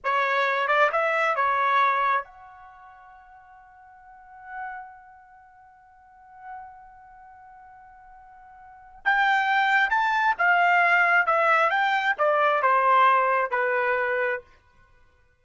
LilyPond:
\new Staff \with { instrumentName = "trumpet" } { \time 4/4 \tempo 4 = 133 cis''4. d''8 e''4 cis''4~ | cis''4 fis''2.~ | fis''1~ | fis''1~ |
fis''1 | g''2 a''4 f''4~ | f''4 e''4 g''4 d''4 | c''2 b'2 | }